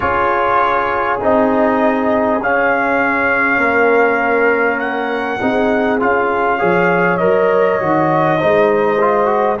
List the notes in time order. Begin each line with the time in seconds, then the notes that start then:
0.00 C#4 F4 G#4 C#5
1.20 C4 D#4 D#5
2.40 C#4 F5
3.57 A#3 A#4
4.79 F#5
5.40 C4 D#4 G#4
5.99 C#4 F4 F5
6.58 F3 G#4 C#5
7.17 F#3 A#4 D#5
7.79 D#3 F#4
8.38 G#3 D#4 C5
9.00 F4
9.25 F#4